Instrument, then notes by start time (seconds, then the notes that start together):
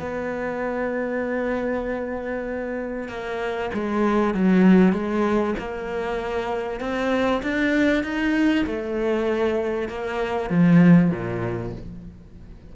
cello
0.00 B3
3.09 A#3
3.74 G#3
4.35 F#3
4.93 G#3
5.59 A#3
6.80 C4
7.43 D4
8.04 D#4
8.67 A3
9.89 A#3
10.50 F3
11.11 A#2